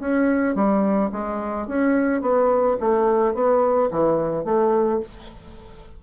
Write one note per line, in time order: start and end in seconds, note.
0.00 0.55 C#4
0.55 1.11 G3
1.12 1.68 G#3
1.68 2.22 C#4
2.22 2.78 B3
2.81 3.34 A3
3.34 3.90 B3
3.91 4.45 E3
4.45 5.01 A3